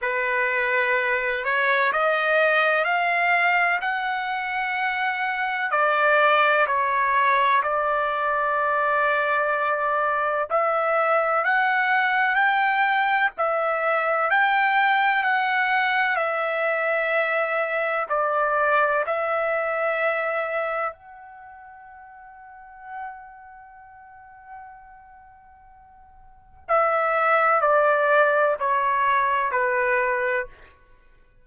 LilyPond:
\new Staff \with { instrumentName = "trumpet" } { \time 4/4 \tempo 4 = 63 b'4. cis''8 dis''4 f''4 | fis''2 d''4 cis''4 | d''2. e''4 | fis''4 g''4 e''4 g''4 |
fis''4 e''2 d''4 | e''2 fis''2~ | fis''1 | e''4 d''4 cis''4 b'4 | }